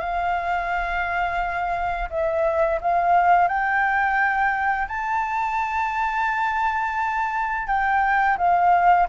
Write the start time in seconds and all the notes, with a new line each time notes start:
0.00 F5
2.10 E5
2.81 F5
3.48 G5
4.88 A5
7.67 G5
8.38 F5